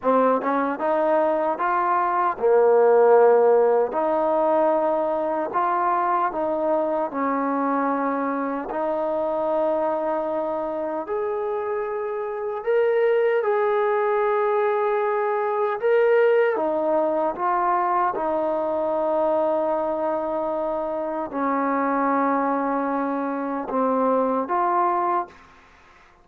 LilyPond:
\new Staff \with { instrumentName = "trombone" } { \time 4/4 \tempo 4 = 76 c'8 cis'8 dis'4 f'4 ais4~ | ais4 dis'2 f'4 | dis'4 cis'2 dis'4~ | dis'2 gis'2 |
ais'4 gis'2. | ais'4 dis'4 f'4 dis'4~ | dis'2. cis'4~ | cis'2 c'4 f'4 | }